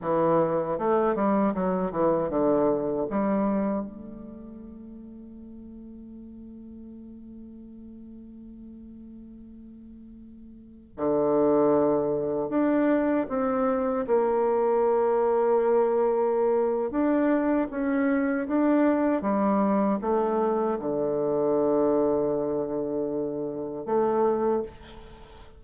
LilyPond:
\new Staff \with { instrumentName = "bassoon" } { \time 4/4 \tempo 4 = 78 e4 a8 g8 fis8 e8 d4 | g4 a2.~ | a1~ | a2~ a16 d4.~ d16~ |
d16 d'4 c'4 ais4.~ ais16~ | ais2 d'4 cis'4 | d'4 g4 a4 d4~ | d2. a4 | }